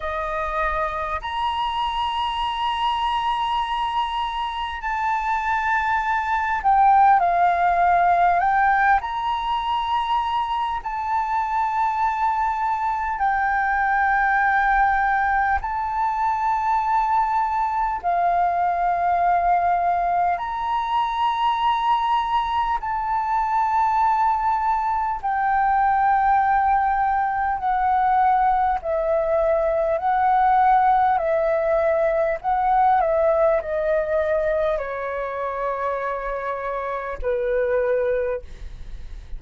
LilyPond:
\new Staff \with { instrumentName = "flute" } { \time 4/4 \tempo 4 = 50 dis''4 ais''2. | a''4. g''8 f''4 g''8 ais''8~ | ais''4 a''2 g''4~ | g''4 a''2 f''4~ |
f''4 ais''2 a''4~ | a''4 g''2 fis''4 | e''4 fis''4 e''4 fis''8 e''8 | dis''4 cis''2 b'4 | }